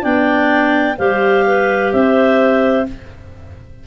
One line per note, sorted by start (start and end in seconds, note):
0.00 0.98 B3
0.00 0.94 D4
0.00 0.95 D5
0.00 0.97 G5
0.97 1.92 G3
0.97 2.85 G4
0.97 1.44 C5
0.97 1.92 F5
1.46 1.93 B4
1.92 2.86 C4
1.92 2.86 C5
1.92 2.85 E5